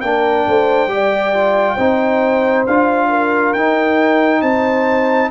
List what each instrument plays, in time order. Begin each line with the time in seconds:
0.00 tuba A#3, trombone D4, horn A#4, trumpet G5
0.47 tuba A3, horn C5
0.87 tuba G3, trombone G4
0.94 horn D5
1.33 trombone F4
1.76 tuba C4, trombone D#4, horn C5
2.66 tuba D4, trombone F4, trumpet F5
3.09 horn A#4
3.53 tuba D#4, trombone D#4, trumpet G5
4.41 tuba C4, horn C5, trumpet A5